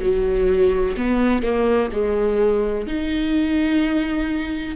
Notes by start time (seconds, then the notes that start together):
0.00 F#3
0.97 B3
1.42 A#3
1.92 G#3
2.87 D#4